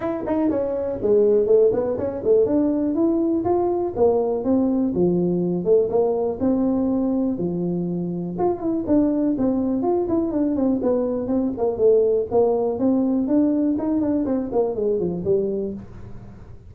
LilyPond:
\new Staff \with { instrumentName = "tuba" } { \time 4/4 \tempo 4 = 122 e'8 dis'8 cis'4 gis4 a8 b8 | cis'8 a8 d'4 e'4 f'4 | ais4 c'4 f4. a8 | ais4 c'2 f4~ |
f4 f'8 e'8 d'4 c'4 | f'8 e'8 d'8 c'8 b4 c'8 ais8 | a4 ais4 c'4 d'4 | dis'8 d'8 c'8 ais8 gis8 f8 g4 | }